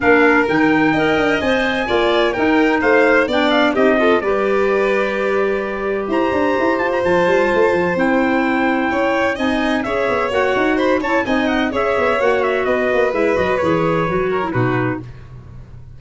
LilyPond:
<<
  \new Staff \with { instrumentName = "trumpet" } { \time 4/4 \tempo 4 = 128 f''4 g''2 gis''4~ | gis''4 g''4 f''4 g''8 f''8 | dis''4 d''2.~ | d''4 ais''4. a''16 ais''16 a''4~ |
a''4 g''2. | gis''4 e''4 fis''4 b''8 a''8 | gis''8 fis''8 e''4 fis''8 e''8 dis''4 | e''8 dis''8 cis''2 b'4 | }
  \new Staff \with { instrumentName = "violin" } { \time 4/4 ais'2 dis''2 | d''4 ais'4 c''4 d''4 | g'8 a'8 b'2.~ | b'4 c''2.~ |
c''2. cis''4 | dis''4 cis''2 c''8 cis''8 | dis''4 cis''2 b'4~ | b'2~ b'8 ais'8 fis'4 | }
  \new Staff \with { instrumentName = "clarinet" } { \time 4/4 d'4 dis'4 ais'4 c''4 | f'4 dis'2 d'4 | dis'8 f'8 g'2.~ | g'2. f'4~ |
f'4 e'2. | dis'4 gis'4 fis'4. e'8 | dis'4 gis'4 fis'2 | e'8 fis'8 gis'4 fis'8. e'16 dis'4 | }
  \new Staff \with { instrumentName = "tuba" } { \time 4/4 ais4 dis4 dis'8 d'8 c'4 | ais4 dis'4 a4 b4 | c'4 g2.~ | g4 e'8 d'8 e'8 f'8 f8 g8 |
a8 f8 c'2 cis'4 | c'4 cis'8 b8 ais8 dis'4 cis'8 | c'4 cis'8 b8 ais4 b8 ais8 | gis8 fis8 e4 fis4 b,4 | }
>>